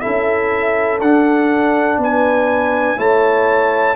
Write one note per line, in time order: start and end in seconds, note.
0.00 1.00 C#4
0.00 0.99 E4
0.00 1.99 A4
0.00 0.98 E5
1.00 1.98 D4
1.00 2.97 D4
1.00 1.99 F#5
1.98 2.96 B3
1.98 2.98 B4
1.98 2.99 G#5
2.97 3.95 A3
2.97 3.95 E4
2.97 3.95 C#5
2.97 3.95 A5